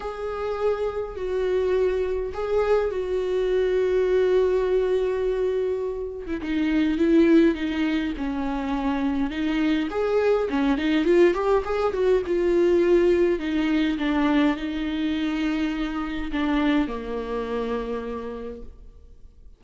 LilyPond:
\new Staff \with { instrumentName = "viola" } { \time 4/4 \tempo 4 = 103 gis'2 fis'2 | gis'4 fis'2.~ | fis'2~ fis'8. e'16 dis'4 | e'4 dis'4 cis'2 |
dis'4 gis'4 cis'8 dis'8 f'8 g'8 | gis'8 fis'8 f'2 dis'4 | d'4 dis'2. | d'4 ais2. | }